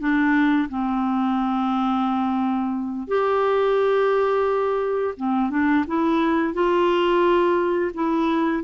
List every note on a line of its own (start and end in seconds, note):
0.00 0.69 D4
0.70 3.08 C4
3.08 5.15 G4
5.17 5.50 C4
5.50 5.85 D4
5.88 6.54 E4
6.54 7.92 F4
7.95 8.64 E4